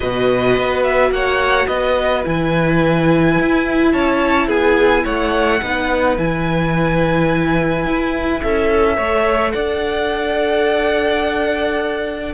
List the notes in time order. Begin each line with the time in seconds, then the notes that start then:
0.00 B2 F#4 B4 D#5
0.58 B3
0.83 E5
1.11 A#3 C#5 F#5
1.67 B3 B4 D#5
2.23 E3 E4 G#5
3.40 E4
3.91 C#4 C#5 A5
4.47 B3 G#4 G#5
5.04 A3 C#5 F#5
5.62 B3 D#4 B4
6.17 E3 E4 G#5
7.86 E4
8.42 C#4 A4 E5
8.96 A3 A4 C#5
9.51 D4 D5 F#5